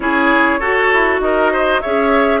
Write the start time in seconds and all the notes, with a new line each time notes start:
0.00 C#4 E4 G#4 C#5
0.59 F#4 A4
0.93 E4
1.20 D#4 A#4 D#5
1.52 C5
1.81 C#4 G#4 C#5 E5